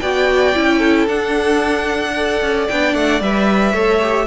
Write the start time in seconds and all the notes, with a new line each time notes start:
0.00 B3 F#4 D5 G5
0.54 C#4 E4
0.78 A4
1.07 D4 F#5
2.15 A4 D5
2.41 C#4
2.68 B3 D4 G5
2.94 A3 F#5
3.21 G3 B4 E5
3.72 A3 A4 C#5
4.01 G4